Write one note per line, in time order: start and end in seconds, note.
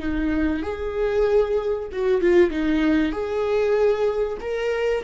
0.00 0.63 D#4
0.63 1.89 G#4
1.93 2.22 F#4
2.22 2.51 F4
2.51 3.12 D#4
3.12 4.39 G#4
4.41 5.04 A#4